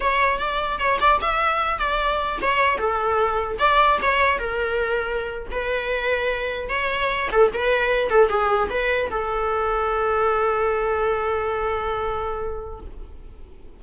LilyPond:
\new Staff \with { instrumentName = "viola" } { \time 4/4 \tempo 4 = 150 cis''4 d''4 cis''8 d''8 e''4~ | e''8 d''4. cis''4 a'4~ | a'4 d''4 cis''4 ais'4~ | ais'4.~ ais'16 b'2~ b'16~ |
b'8. cis''4. a'8 b'4~ b'16~ | b'16 a'8 gis'4 b'4 a'4~ a'16~ | a'1~ | a'1 | }